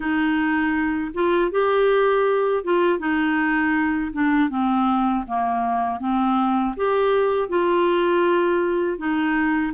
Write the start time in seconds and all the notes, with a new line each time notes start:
0.00 D#4
1.14 F4
1.51 G4
2.64 F4
2.99 D#4
4.12 D4
4.49 C4
5.27 A#3
5.99 C4
6.76 G4
7.48 F4
8.98 D#4